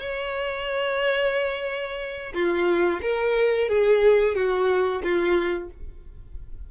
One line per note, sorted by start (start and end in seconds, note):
0.00 2.33 C#5
2.34 3.00 F4
3.02 3.69 A#4
3.69 4.35 G#4
4.35 5.02 F#4
5.03 5.70 F4